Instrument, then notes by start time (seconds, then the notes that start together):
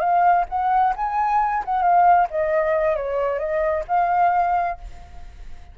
flute
0.00 F5
0.49 F#5
0.96 G#5
1.65 F#5
1.83 F5
2.30 D#5
2.97 C#5
3.39 D#5
3.88 F5